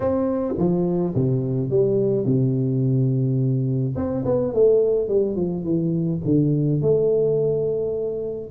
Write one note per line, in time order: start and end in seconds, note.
0.00 0.54 C4
0.58 1.14 F3
1.14 1.70 C3
1.70 2.25 G3
2.25 3.95 C3
3.96 4.24 C4
4.25 4.53 B3
4.53 5.08 A3
5.08 5.35 G3
5.35 5.63 F3
5.63 6.20 E3
6.25 6.81 D3
6.81 8.50 A3